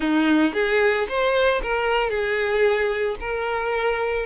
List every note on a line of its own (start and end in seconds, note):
0.00 0.53 D#4
0.53 1.06 G#4
1.08 1.61 C5
1.62 2.09 A#4
2.09 3.16 G#4
3.20 4.26 A#4